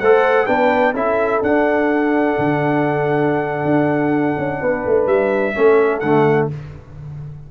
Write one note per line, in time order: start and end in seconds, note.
0.00 0.48 A3
0.00 0.47 A4
0.00 0.47 C5
0.00 0.46 F#5
0.46 0.94 B3
0.46 0.94 D4
0.46 0.94 B4
0.46 0.93 G5
0.94 1.41 C#4
0.94 1.43 E4
0.94 4.61 A4
0.94 1.43 E5
1.42 2.37 D4
1.42 5.55 D4
1.42 5.07 F#5
2.38 3.65 D3
3.65 4.36 D4
4.38 4.61 C#4
4.61 4.85 B3
4.61 5.55 B4
4.86 5.06 A3
5.06 5.54 G3
5.06 6.00 E5
5.55 6.02 A3
5.55 6.02 C#4
5.55 6.50 A4
6.00 6.50 D3
6.00 6.51 A3
6.00 6.47 F#5